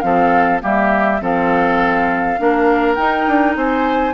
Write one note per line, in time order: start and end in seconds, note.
0.00 0.61 F3
0.00 0.60 C4
0.00 0.62 A4
0.00 0.59 F5
0.60 1.21 G3
0.60 1.18 A#3
0.60 1.21 G4
0.60 1.23 E5
1.21 2.39 F3
1.21 2.38 C4
1.21 2.39 A4
1.21 2.94 F5
2.38 2.97 A#3
2.38 2.97 D4
2.38 3.57 A#4
2.94 3.26 D#4
2.94 4.13 D#4
2.94 3.53 G5
3.27 3.56 D4
3.56 4.13 C4
3.56 4.13 C5
3.56 4.13 G#5